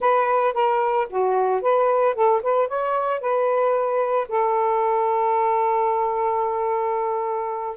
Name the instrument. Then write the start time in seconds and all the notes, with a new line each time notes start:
saxophone
0.00 B4
0.53 A#4
1.09 F#4
1.61 B4
2.14 A4
2.43 B4
2.68 C#5
3.20 B4
4.28 A4